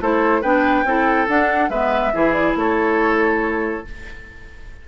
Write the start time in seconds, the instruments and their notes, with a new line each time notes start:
0.00 bassoon A3, clarinet E4, oboe A4, flute C5
0.41 bassoon B3, clarinet D4, oboe B4, flute G5
0.84 bassoon C4, clarinet E4, oboe A4
1.27 clarinet D4, bassoon D4, flute F#5
1.69 bassoon G#3, clarinet B3, oboe B4, flute E5
2.13 bassoon E3, clarinet E4, oboe G#4
2.32 flute D5
2.55 bassoon A3, oboe A4, flute C#5